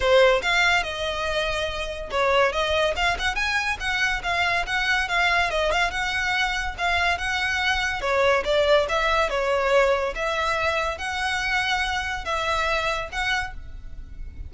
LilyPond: \new Staff \with { instrumentName = "violin" } { \time 4/4 \tempo 4 = 142 c''4 f''4 dis''2~ | dis''4 cis''4 dis''4 f''8 fis''8 | gis''4 fis''4 f''4 fis''4 | f''4 dis''8 f''8 fis''2 |
f''4 fis''2 cis''4 | d''4 e''4 cis''2 | e''2 fis''2~ | fis''4 e''2 fis''4 | }